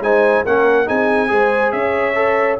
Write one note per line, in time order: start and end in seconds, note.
0.00 0.43 G#3
0.00 0.45 D#4
0.00 0.45 C5
0.00 0.45 G#5
0.45 0.89 A#3
0.45 0.85 C#4
0.45 0.87 A#4
0.45 0.88 F#5
0.85 1.31 C4
0.85 1.28 D#4
0.85 1.30 G#4
0.85 1.72 G#5
1.28 1.72 G#3
1.28 2.14 G#4
1.28 1.74 C5
1.72 2.58 C#4
1.72 2.60 C#5
1.72 2.57 E5
2.15 2.58 A4